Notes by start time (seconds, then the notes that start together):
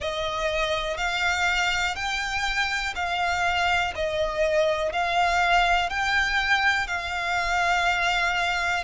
0.00 D#5
0.97 F5
1.95 G5
2.95 F5
3.95 D#5
4.92 F5
5.89 G5
6.87 F5